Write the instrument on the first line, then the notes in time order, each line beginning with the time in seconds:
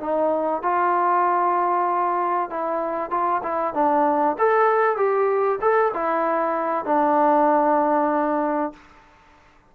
trombone
0.00 D#4
0.62 F4
2.50 E4
3.10 F4
3.42 E4
3.74 D4
4.38 A4
4.96 G4
5.61 A4
5.93 E4
6.85 D4